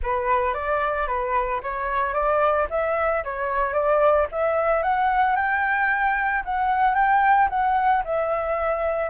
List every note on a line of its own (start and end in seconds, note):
0.02 0.54 B4
0.54 1.07 D5
1.07 1.60 B4
1.62 2.13 C#5
2.13 2.67 D5
2.70 3.23 E5
3.24 3.73 C#5
3.73 4.26 D5
4.31 4.83 E5
4.83 5.36 F#5
5.36 6.43 G5
6.45 6.94 F#5
6.94 7.48 G5
7.49 8.03 F#5
8.04 9.09 E5